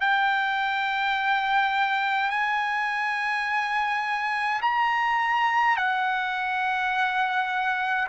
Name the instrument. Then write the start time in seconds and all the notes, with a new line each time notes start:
trumpet
0.00 G5
2.30 G#5
4.61 A#5
5.76 F#5